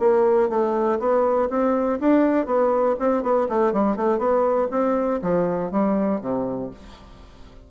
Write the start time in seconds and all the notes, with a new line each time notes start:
0.00 A#3
0.50 A3
0.99 B3
1.50 C4
2.00 D4
2.47 B3
3.00 C4
3.23 B3
3.49 A3
3.73 G3
3.97 A3
4.19 B3
4.71 C4
5.22 F3
5.72 G3
6.21 C3